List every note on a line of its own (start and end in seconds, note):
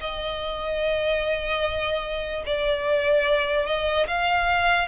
0.00 2.43 D#5
2.46 3.66 D5
3.66 4.07 D#5
4.07 4.88 F5